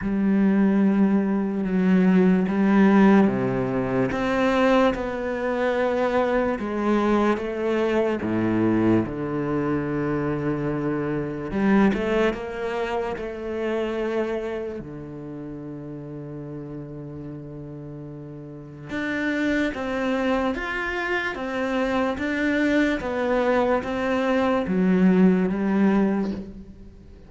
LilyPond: \new Staff \with { instrumentName = "cello" } { \time 4/4 \tempo 4 = 73 g2 fis4 g4 | c4 c'4 b2 | gis4 a4 a,4 d4~ | d2 g8 a8 ais4 |
a2 d2~ | d2. d'4 | c'4 f'4 c'4 d'4 | b4 c'4 fis4 g4 | }